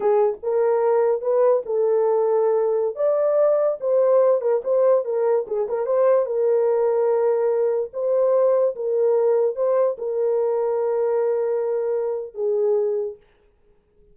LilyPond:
\new Staff \with { instrumentName = "horn" } { \time 4/4 \tempo 4 = 146 gis'4 ais'2 b'4 | a'2.~ a'16 d''8.~ | d''4~ d''16 c''4. ais'8 c''8.~ | c''16 ais'4 gis'8 ais'8 c''4 ais'8.~ |
ais'2.~ ais'16 c''8.~ | c''4~ c''16 ais'2 c''8.~ | c''16 ais'2.~ ais'8.~ | ais'2 gis'2 | }